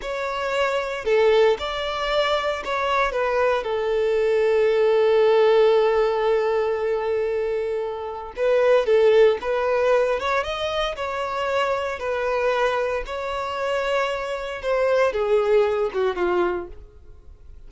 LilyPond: \new Staff \with { instrumentName = "violin" } { \time 4/4 \tempo 4 = 115 cis''2 a'4 d''4~ | d''4 cis''4 b'4 a'4~ | a'1~ | a'1 |
b'4 a'4 b'4. cis''8 | dis''4 cis''2 b'4~ | b'4 cis''2. | c''4 gis'4. fis'8 f'4 | }